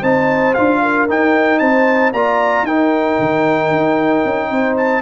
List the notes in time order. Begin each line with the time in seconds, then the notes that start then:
0.00 C4 D#4 C5 A5
0.54 D4 F4 F5
0.82 A#4
1.08 D#4 G5
1.58 C4 C5 A5
2.12 A#3 F4 D5 A#5
2.62 D#4 A#4 G5
3.19 D#3
3.70 D#4
4.24 C#4
4.50 C4 C5
4.77 A5